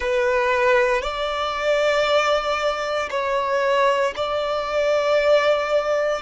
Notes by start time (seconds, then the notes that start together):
0.00 B4
1.02 D5
3.10 C#5
4.16 D5